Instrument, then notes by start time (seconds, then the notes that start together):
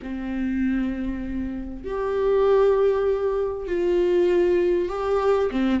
viola
0.02 C4
1.84 G4
3.67 F4
4.88 G4
5.51 C4